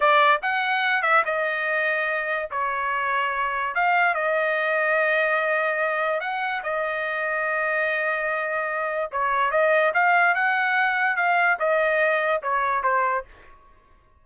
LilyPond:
\new Staff \with { instrumentName = "trumpet" } { \time 4/4 \tempo 4 = 145 d''4 fis''4. e''8 dis''4~ | dis''2 cis''2~ | cis''4 f''4 dis''2~ | dis''2. fis''4 |
dis''1~ | dis''2 cis''4 dis''4 | f''4 fis''2 f''4 | dis''2 cis''4 c''4 | }